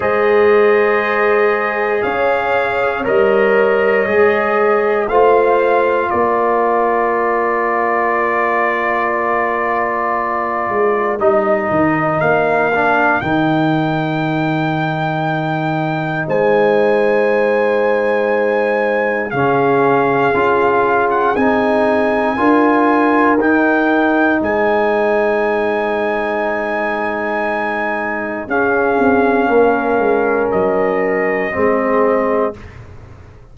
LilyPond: <<
  \new Staff \with { instrumentName = "trumpet" } { \time 4/4 \tempo 4 = 59 dis''2 f''4 dis''4~ | dis''4 f''4 d''2~ | d''2. dis''4 | f''4 g''2. |
gis''2. f''4~ | f''8. fis''16 gis''2 g''4 | gis''1 | f''2 dis''2 | }
  \new Staff \with { instrumentName = "horn" } { \time 4/4 c''2 cis''2~ | cis''4 c''4 ais'2~ | ais'1~ | ais'1 |
c''2. gis'4~ | gis'2 ais'2 | c''1 | gis'4 ais'2 gis'4 | }
  \new Staff \with { instrumentName = "trombone" } { \time 4/4 gis'2. ais'4 | gis'4 f'2.~ | f'2. dis'4~ | dis'8 d'8 dis'2.~ |
dis'2. cis'4 | f'4 dis'4 f'4 dis'4~ | dis'1 | cis'2. c'4 | }
  \new Staff \with { instrumentName = "tuba" } { \time 4/4 gis2 cis'4 g4 | gis4 a4 ais2~ | ais2~ ais8 gis8 g8 dis8 | ais4 dis2. |
gis2. cis4 | cis'4 c'4 d'4 dis'4 | gis1 | cis'8 c'8 ais8 gis8 fis4 gis4 | }
>>